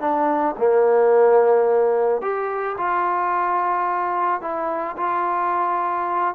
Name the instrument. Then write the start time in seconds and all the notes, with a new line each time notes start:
trombone
0.00 D4
0.58 A#3
2.21 G4
2.77 F4
4.41 E4
4.97 F4